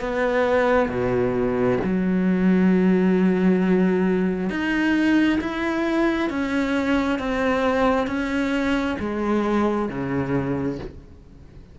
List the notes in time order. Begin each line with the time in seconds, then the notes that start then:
0.00 B3
0.88 B2
1.84 F#3
4.49 D#4
5.40 E4
6.29 C#4
7.18 C4
8.06 C#4
8.99 G#3
9.89 C#3